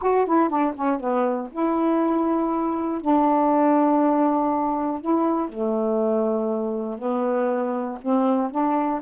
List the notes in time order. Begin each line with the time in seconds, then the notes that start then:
0.01 F#4
0.26 E4
0.49 D4
0.75 C#4
1.00 B3
1.51 E4
3.01 D4
5.01 E4
5.49 A3
6.98 B3
8.01 C4
8.50 D4